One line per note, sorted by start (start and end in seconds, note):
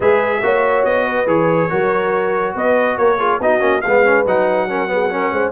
0.00 0.41 G#3
0.00 0.42 G#4
0.00 0.42 B4
0.00 0.84 E5
0.42 0.84 A#3
0.42 1.27 F#4
0.42 1.06 C#5
0.84 1.26 B3
0.84 1.27 D#5
1.06 1.69 B4
1.26 1.69 E3
1.26 1.69 G#4
1.26 2.55 C#5
1.69 2.55 F#3
1.69 3.18 F#4
1.69 2.55 A#4
2.55 2.97 B3
2.55 2.97 B4
2.55 2.97 D#5
2.97 3.40 A#3
2.97 3.18 A#4
2.97 3.40 C#5
3.18 3.40 F4
3.18 3.39 G#4
3.40 3.60 B3
3.40 3.60 D#4
3.40 3.84 F#4
3.40 3.81 D#5
3.60 3.81 A#3
3.60 3.81 C#4
3.81 4.25 G#3
3.81 4.69 B4
3.81 4.23 F5
3.87 4.04 B3
4.04 4.25 C#4
4.25 5.31 F#3
4.25 4.68 D#4
4.25 5.52 F#5
4.68 4.88 C#4
4.68 4.90 A#4
4.88 5.09 B3
4.88 5.13 G#4
5.10 5.52 C#4
5.10 5.32 A#4
5.31 5.52 G#3
5.31 5.52 C5